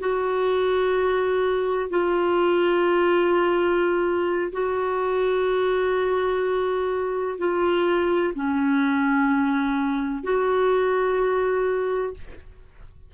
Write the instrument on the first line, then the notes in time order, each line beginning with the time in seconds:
clarinet
0.00 F#4
1.90 F4
4.53 F#4
7.39 F4
8.35 C#4
10.24 F#4